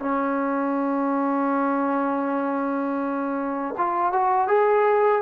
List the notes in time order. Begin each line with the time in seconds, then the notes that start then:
0.00 C#4
3.78 F4
4.13 F#4
4.48 G#4